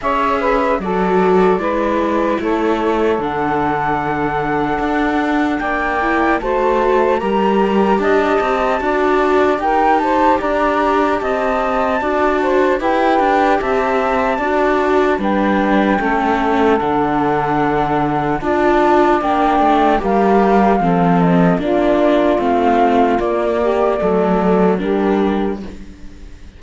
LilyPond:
<<
  \new Staff \with { instrumentName = "flute" } { \time 4/4 \tempo 4 = 75 e''4 d''2 cis''4 | fis''2. g''4 | a''4 ais''4 a''2 | g''8 a''8 ais''4 a''2 |
g''4 a''2 g''4~ | g''4 fis''2 a''4 | g''4 f''4. dis''8 d''4 | f''4 d''2 ais'4 | }
  \new Staff \with { instrumentName = "saxophone" } { \time 4/4 cis''8 b'8 a'4 b'4 a'4~ | a'2. d''4 | c''4 ais'4 dis''4 d''4 | ais'8 c''8 d''4 dis''4 d''8 c''8 |
b'4 e''4 d''4 b'4 | a'2. d''4~ | d''4 ais'4 a'4 f'4~ | f'4. g'8 a'4 g'4 | }
  \new Staff \with { instrumentName = "viola" } { \time 4/4 gis'4 fis'4 e'2 | d'2.~ d'8 e'8 | fis'4 g'2 fis'4 | g'2. fis'4 |
g'2 fis'4 d'4 | cis'4 d'2 f'4 | d'4 g'4 c'4 d'4 | c'4 ais4 a4 d'4 | }
  \new Staff \with { instrumentName = "cello" } { \time 4/4 cis'4 fis4 gis4 a4 | d2 d'4 ais4 | a4 g4 d'8 c'8 d'4 | dis'4 d'4 c'4 d'4 |
e'8 d'8 c'4 d'4 g4 | a4 d2 d'4 | ais8 a8 g4 f4 ais4 | a4 ais4 fis4 g4 | }
>>